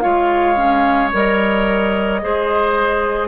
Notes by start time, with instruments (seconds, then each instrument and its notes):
0.00 bassoon G#3, clarinet F4, oboe C#5, flute F5
0.56 clarinet C#4
1.13 bassoon G3, clarinet A#4, flute D#5
2.22 bassoon G#3, clarinet G#4, oboe C5